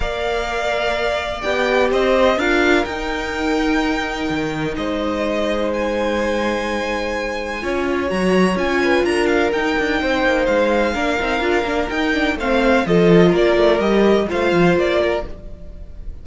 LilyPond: <<
  \new Staff \with { instrumentName = "violin" } { \time 4/4 \tempo 4 = 126 f''2. g''4 | dis''4 f''4 g''2~ | g''2 dis''2 | gis''1~ |
gis''4 ais''4 gis''4 ais''8 f''8 | g''2 f''2~ | f''4 g''4 f''4 dis''4 | d''4 dis''4 f''4 d''4 | }
  \new Staff \with { instrumentName = "violin" } { \time 4/4 d''1 | c''4 ais'2.~ | ais'2 c''2~ | c''1 |
cis''2~ cis''8 b'8 ais'4~ | ais'4 c''2 ais'4~ | ais'2 c''4 a'4 | ais'2 c''4. ais'8 | }
  \new Staff \with { instrumentName = "viola" } { \time 4/4 ais'2. g'4~ | g'4 f'4 dis'2~ | dis'1~ | dis'1 |
f'4 fis'4 f'2 | dis'2. d'8 dis'8 | f'8 d'8 dis'8 d'8 c'4 f'4~ | f'4 g'4 f'2 | }
  \new Staff \with { instrumentName = "cello" } { \time 4/4 ais2. b4 | c'4 d'4 dis'2~ | dis'4 dis4 gis2~ | gis1 |
cis'4 fis4 cis'4 d'4 | dis'8 d'8 c'8 ais8 gis4 ais8 c'8 | d'8 ais8 dis'4 a4 f4 | ais8 a8 g4 a8 f8 ais4 | }
>>